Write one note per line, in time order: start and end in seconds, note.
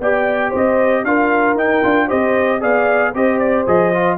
0.00 0.52 B3
0.00 1.05 G4
0.00 0.50 D5
0.00 0.53 G5
0.50 1.04 C4
0.50 1.02 C5
0.50 1.04 D#5
1.04 1.55 D4
1.04 1.57 F4
1.04 2.07 A#4
1.04 1.57 F5
1.55 1.81 D#4
1.55 1.83 D#4
1.55 2.10 G5
1.83 2.10 D4
1.83 2.08 F4
2.07 2.62 C4
2.07 2.60 G4
2.07 2.59 C5
2.07 2.62 D#5
2.60 3.14 B3
2.60 3.12 G#4
2.60 3.12 D5
2.60 3.15 F5
3.13 3.66 C4
3.13 3.66 G4
3.13 4.18 C5
3.13 3.39 D#5
3.39 3.65 D5
3.66 4.18 F3
3.66 3.92 G#4
3.66 4.18 D#5
3.93 4.18 F4